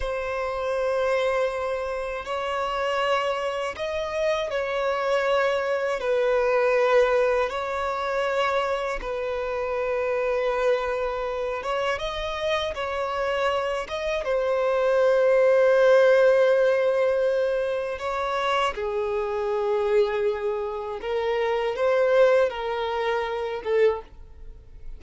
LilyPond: \new Staff \with { instrumentName = "violin" } { \time 4/4 \tempo 4 = 80 c''2. cis''4~ | cis''4 dis''4 cis''2 | b'2 cis''2 | b'2.~ b'8 cis''8 |
dis''4 cis''4. dis''8 c''4~ | c''1 | cis''4 gis'2. | ais'4 c''4 ais'4. a'8 | }